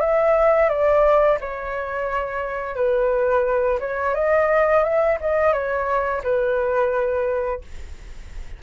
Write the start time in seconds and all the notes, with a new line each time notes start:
0.00 E5
0.69 D5
1.41 C#5
2.76 B4
3.80 C#5
4.15 D#5
4.84 E5
5.21 D#5
5.53 C#5
6.23 B4